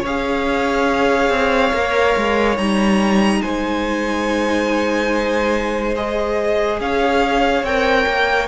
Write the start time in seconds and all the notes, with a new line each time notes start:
0.00 C#4 G#4 C#5 F5
1.29 C4
1.73 A#3 A#4
2.16 G#3
2.57 G3 D#4 A#5
3.41 G#3 C5 G#5
5.95 G#4 D#5
6.80 C#4 C#5 F5
7.63 C4 A#4 G5
8.06 A#3